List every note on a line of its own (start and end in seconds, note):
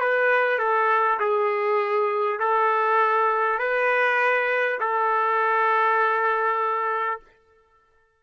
0.00 0.58 B4
0.58 1.18 A4
1.19 2.39 G#4
2.39 3.58 A4
3.58 4.78 B4
4.80 7.20 A4